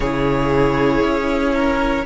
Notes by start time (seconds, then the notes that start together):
0.00 C#3 E4 G#4 C#5
1.02 C#4
1.54 A#4